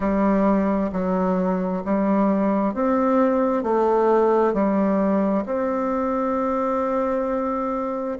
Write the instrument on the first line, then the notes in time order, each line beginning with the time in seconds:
bassoon
0.00 G3
0.92 F#3
1.84 G3
2.74 C4
3.63 A3
4.53 G3
5.45 C4